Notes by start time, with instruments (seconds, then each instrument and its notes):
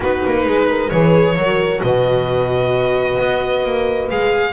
0.00 double bass B3, viola D#4, horn F#4, violin B4
0.25 double bass A#3
0.45 double bass G#3, horn G#4
0.69 horn A#4
0.89 double bass E3, viola G#4, horn B4, violin C#5
1.36 double bass F#3, viola F#4, horn A#4
1.82 double bass B2, horn B4, violin D#5
3.19 double bass B3
3.64 double bass A#3
4.09 double bass G#3, viola G#4, violin F5